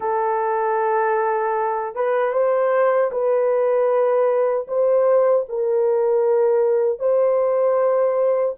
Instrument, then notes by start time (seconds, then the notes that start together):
horn
0.00 A4
1.95 B4
2.32 C5
3.11 B4
4.67 C5
5.48 A#4
6.99 C5